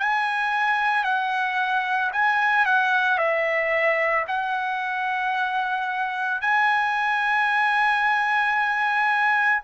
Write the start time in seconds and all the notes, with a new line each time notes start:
0.00 G#5
1.04 F#5
2.13 G#5
2.66 F#5
3.18 E5
4.28 F#5
6.41 G#5